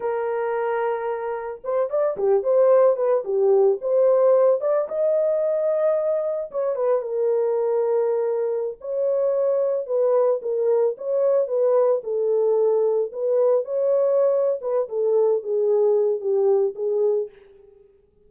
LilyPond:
\new Staff \with { instrumentName = "horn" } { \time 4/4 \tempo 4 = 111 ais'2. c''8 d''8 | g'8 c''4 b'8 g'4 c''4~ | c''8 d''8 dis''2. | cis''8 b'8 ais'2.~ |
ais'16 cis''2 b'4 ais'8.~ | ais'16 cis''4 b'4 a'4.~ a'16~ | a'16 b'4 cis''4.~ cis''16 b'8 a'8~ | a'8 gis'4. g'4 gis'4 | }